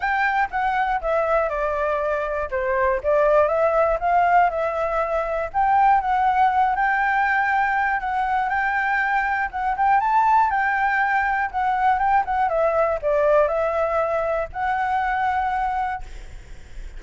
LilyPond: \new Staff \with { instrumentName = "flute" } { \time 4/4 \tempo 4 = 120 g''4 fis''4 e''4 d''4~ | d''4 c''4 d''4 e''4 | f''4 e''2 g''4 | fis''4. g''2~ g''8 |
fis''4 g''2 fis''8 g''8 | a''4 g''2 fis''4 | g''8 fis''8 e''4 d''4 e''4~ | e''4 fis''2. | }